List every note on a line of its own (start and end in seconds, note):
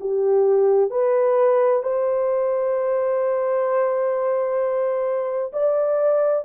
0.00 0.90 G4
0.90 1.82 B4
1.82 5.51 C5
5.52 6.44 D5